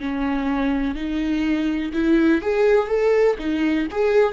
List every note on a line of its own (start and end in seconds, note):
0.00 0.95 C#4
0.95 1.92 D#4
1.94 2.42 E4
2.42 2.88 G#4
2.88 3.37 A4
3.39 3.88 D#4
3.91 4.33 G#4